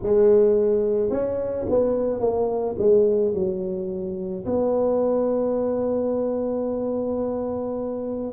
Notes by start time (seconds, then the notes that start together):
0.02 G#3
1.10 C#4
1.69 B3
2.20 A#3
2.78 G#3
3.34 F#3
4.45 B3